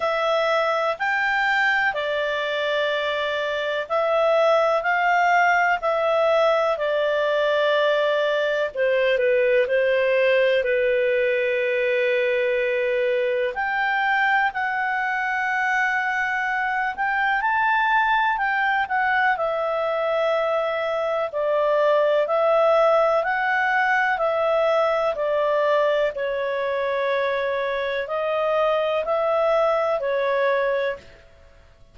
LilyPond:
\new Staff \with { instrumentName = "clarinet" } { \time 4/4 \tempo 4 = 62 e''4 g''4 d''2 | e''4 f''4 e''4 d''4~ | d''4 c''8 b'8 c''4 b'4~ | b'2 g''4 fis''4~ |
fis''4. g''8 a''4 g''8 fis''8 | e''2 d''4 e''4 | fis''4 e''4 d''4 cis''4~ | cis''4 dis''4 e''4 cis''4 | }